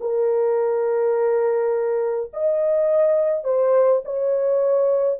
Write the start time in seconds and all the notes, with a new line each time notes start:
0.00 A#4
2.33 D#5
3.44 C5
4.05 C#5